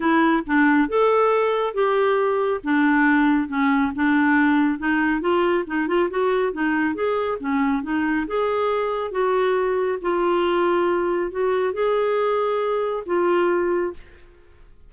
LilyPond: \new Staff \with { instrumentName = "clarinet" } { \time 4/4 \tempo 4 = 138 e'4 d'4 a'2 | g'2 d'2 | cis'4 d'2 dis'4 | f'4 dis'8 f'8 fis'4 dis'4 |
gis'4 cis'4 dis'4 gis'4~ | gis'4 fis'2 f'4~ | f'2 fis'4 gis'4~ | gis'2 f'2 | }